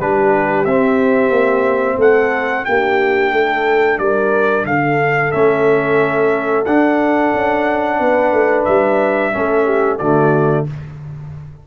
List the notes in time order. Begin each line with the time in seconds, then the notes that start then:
0.00 G3 D4 G4 B4
0.65 C4 E5
1.30 A#3
1.97 A3 A4 F#5
2.65 A#3 D4 G4 G5
3.33 A3 A4
3.98 G3 A#4 D5
4.65 D3 A4 F5
5.32 A3 C#4 E5
6.65 D4 F#5
7.34 C#4
7.99 B3 B4
8.32 A3
8.65 G3 E5
9.33 A3 C#4 A4
9.65 G4
9.98 D3 A3 F#4 D5